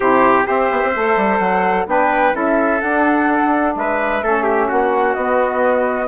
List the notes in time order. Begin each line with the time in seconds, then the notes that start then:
0.00 C3 E4 G4 C5
0.44 C4 G4 C5 E5
0.71 B3
0.83 C4
0.95 A3 A4
1.16 G3
1.38 F#3 F#5
1.86 B3 D4 B4 G5
2.32 C#4 E4 A4 E5
2.80 D4 F#5
3.75 G#3 B4 E5
4.22 A3 C#4 A4
4.43 G4
4.68 A#3 F#4 F#5
5.14 B3 D#5